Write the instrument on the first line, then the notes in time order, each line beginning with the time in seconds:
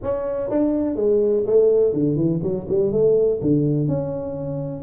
tuba
0.02 C#4
0.50 D4
0.95 G#3
1.46 A3
1.93 D3
2.16 E3
2.42 F#3
2.69 G3
2.92 A3
3.41 D3
3.88 C#4